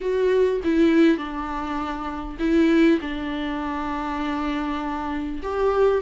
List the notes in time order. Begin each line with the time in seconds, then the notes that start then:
0.01 F#4
0.64 E4
1.17 D4
2.39 E4
3.01 D4
5.42 G4